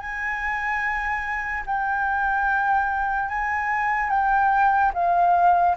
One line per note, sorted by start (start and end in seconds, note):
0.00 1.64 G#5
1.67 3.29 G5
3.29 4.10 G#5
4.10 4.92 G5
4.94 5.76 F5